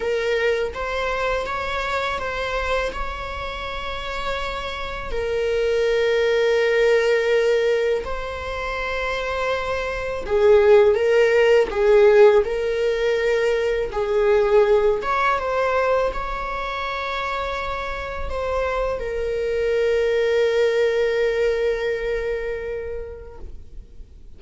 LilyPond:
\new Staff \with { instrumentName = "viola" } { \time 4/4 \tempo 4 = 82 ais'4 c''4 cis''4 c''4 | cis''2. ais'4~ | ais'2. c''4~ | c''2 gis'4 ais'4 |
gis'4 ais'2 gis'4~ | gis'8 cis''8 c''4 cis''2~ | cis''4 c''4 ais'2~ | ais'1 | }